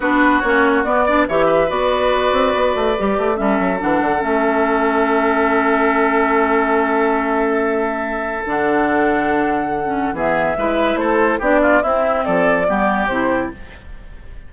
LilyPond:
<<
  \new Staff \with { instrumentName = "flute" } { \time 4/4 \tempo 4 = 142 b'4 cis''4 d''4 e''4 | d''1 | e''4 fis''4 e''2~ | e''1~ |
e''1 | fis''1 | e''2 c''4 d''4 | e''4 d''2 c''4 | }
  \new Staff \with { instrumentName = "oboe" } { \time 4/4 fis'2~ fis'8 d''8 cis''8 b'8~ | b'1 | a'1~ | a'1~ |
a'1~ | a'1 | gis'4 b'4 a'4 g'8 f'8 | e'4 a'4 g'2 | }
  \new Staff \with { instrumentName = "clarinet" } { \time 4/4 d'4 cis'4 b8 d'8 g'4 | fis'2. g'4 | cis'4 d'4 cis'2~ | cis'1~ |
cis'1 | d'2.~ d'16 cis'8. | b4 e'2 d'4 | c'2 b4 e'4 | }
  \new Staff \with { instrumentName = "bassoon" } { \time 4/4 b4 ais4 b4 e4 | b4. c'8 b8 a8 g8 a8 | g8 fis8 e8 d8 a2~ | a1~ |
a1 | d1 | e4 gis4 a4 b4 | c'4 f4 g4 c4 | }
>>